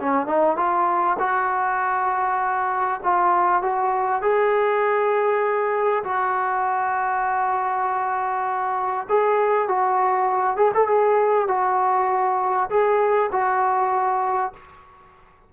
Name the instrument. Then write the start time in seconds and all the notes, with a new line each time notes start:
trombone
0.00 C#4
0.27 D#4
0.57 F4
1.19 F#4
3.03 F4
3.62 F#4
4.22 G#4
6.04 F#4
9.09 G#4
9.68 F#4
10.57 G#4
10.74 A4
10.88 G#4
11.48 F#4
12.70 G#4
13.32 F#4